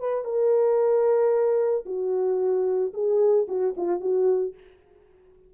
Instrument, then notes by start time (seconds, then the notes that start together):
horn
0.00 B4
0.24 A#4
1.86 F#4
2.94 G#4
3.48 F#4
3.77 F4
4.01 F#4